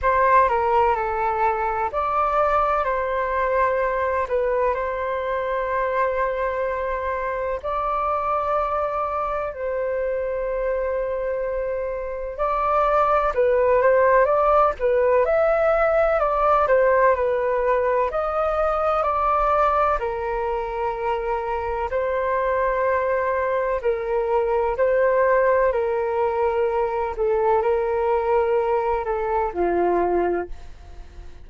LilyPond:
\new Staff \with { instrumentName = "flute" } { \time 4/4 \tempo 4 = 63 c''8 ais'8 a'4 d''4 c''4~ | c''8 b'8 c''2. | d''2 c''2~ | c''4 d''4 b'8 c''8 d''8 b'8 |
e''4 d''8 c''8 b'4 dis''4 | d''4 ais'2 c''4~ | c''4 ais'4 c''4 ais'4~ | ais'8 a'8 ais'4. a'8 f'4 | }